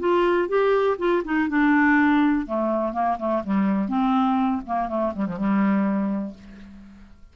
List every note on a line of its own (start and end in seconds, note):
0.00 0.49 F4
0.49 0.97 G4
0.99 1.23 F4
1.25 1.49 D#4
1.49 2.47 D4
2.47 2.93 A3
2.93 3.18 A#3
3.19 3.43 A3
3.44 3.89 G3
3.89 4.62 C4
4.67 4.88 A#3
4.88 5.13 A3
5.16 5.26 G3
5.26 5.37 F3
5.37 6.35 G3